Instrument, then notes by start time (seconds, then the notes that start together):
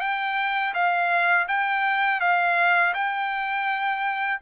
trumpet
0.00 G5
0.74 F5
1.48 G5
2.20 F5
2.94 G5